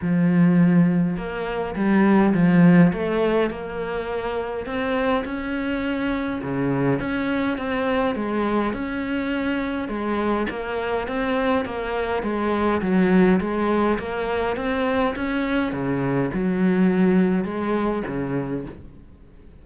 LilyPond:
\new Staff \with { instrumentName = "cello" } { \time 4/4 \tempo 4 = 103 f2 ais4 g4 | f4 a4 ais2 | c'4 cis'2 cis4 | cis'4 c'4 gis4 cis'4~ |
cis'4 gis4 ais4 c'4 | ais4 gis4 fis4 gis4 | ais4 c'4 cis'4 cis4 | fis2 gis4 cis4 | }